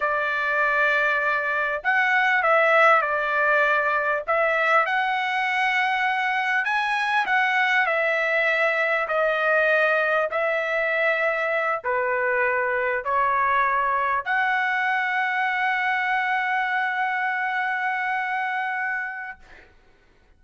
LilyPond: \new Staff \with { instrumentName = "trumpet" } { \time 4/4 \tempo 4 = 99 d''2. fis''4 | e''4 d''2 e''4 | fis''2. gis''4 | fis''4 e''2 dis''4~ |
dis''4 e''2~ e''8 b'8~ | b'4. cis''2 fis''8~ | fis''1~ | fis''1 | }